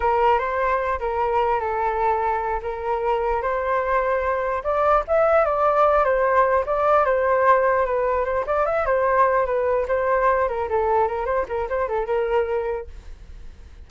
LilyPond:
\new Staff \with { instrumentName = "flute" } { \time 4/4 \tempo 4 = 149 ais'4 c''4. ais'4. | a'2~ a'8 ais'4.~ | ais'8 c''2. d''8~ | d''8 e''4 d''4. c''4~ |
c''8 d''4 c''2 b'8~ | b'8 c''8 d''8 e''8 c''4. b'8~ | b'8 c''4. ais'8 a'4 ais'8 | c''8 ais'8 c''8 a'8 ais'2 | }